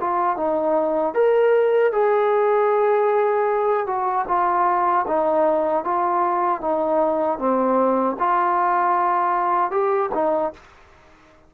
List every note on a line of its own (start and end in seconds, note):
0.00 0.36 F4
0.36 1.14 D#4
1.14 1.92 A#4
1.92 3.86 G#4
3.86 4.25 F#4
4.28 5.05 F4
5.07 5.84 D#4
5.84 6.61 F4
6.61 7.38 D#4
7.38 8.16 C4
8.19 9.71 F4
9.71 10.09 G4
10.14 10.53 D#4